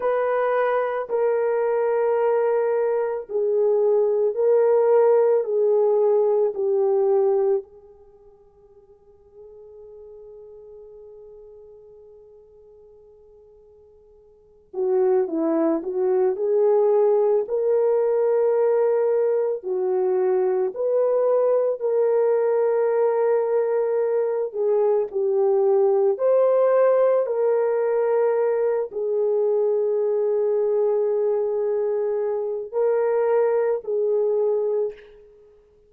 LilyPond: \new Staff \with { instrumentName = "horn" } { \time 4/4 \tempo 4 = 55 b'4 ais'2 gis'4 | ais'4 gis'4 g'4 gis'4~ | gis'1~ | gis'4. fis'8 e'8 fis'8 gis'4 |
ais'2 fis'4 b'4 | ais'2~ ais'8 gis'8 g'4 | c''4 ais'4. gis'4.~ | gis'2 ais'4 gis'4 | }